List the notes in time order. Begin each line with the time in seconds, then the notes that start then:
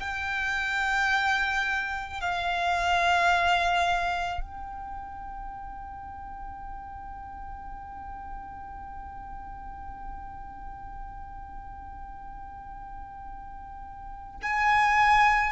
0.00 G5
2.21 F5
4.41 G5
14.43 G#5